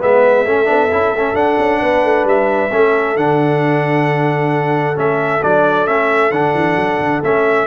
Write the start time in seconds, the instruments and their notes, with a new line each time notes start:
0.00 tuba G#3, trombone B3, horn B4, trumpet E5
0.46 tuba A3, trombone C#4, horn A4
0.65 tuba B3, trombone D4
0.92 tuba C#4, trombone E4
1.11 tuba A3
1.18 trombone C#4
1.34 trombone D4, tuba D4, trumpet F#5
1.58 tuba C#4
1.81 tuba B3, horn B4
2.03 tuba A3
2.24 tuba G3, trumpet E5
2.71 tuba A3, trombone C#4, horn A4
3.16 tuba D3, trombone D4, trumpet F#5
4.95 tuba A3, trombone C#4, trumpet E5
5.42 tuba F#3, trombone D4, trumpet D5
5.86 tuba A3, trombone C#4, trumpet E5
6.31 tuba D3, trombone D4, trumpet F#5
6.54 tuba E3
6.75 tuba F#3
6.99 tuba D3
7.23 tuba A3, trombone C#4, trumpet E5